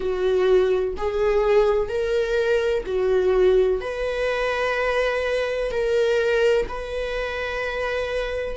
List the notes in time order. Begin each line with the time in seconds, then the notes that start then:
0.00 F#4
0.97 G#4
1.88 A#4
2.86 F#4
3.81 B4
5.71 A#4
6.68 B4